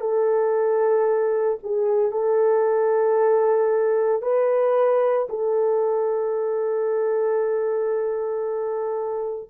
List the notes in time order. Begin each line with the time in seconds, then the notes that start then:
0.00 A4
1.63 G#4
2.11 A4
4.22 B4
5.29 A4